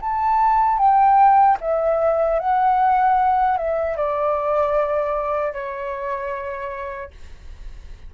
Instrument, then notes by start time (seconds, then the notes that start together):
flute
0.00 A5
0.78 G5
1.61 E5
2.39 F#5
3.57 E5
3.96 D5
5.53 C#5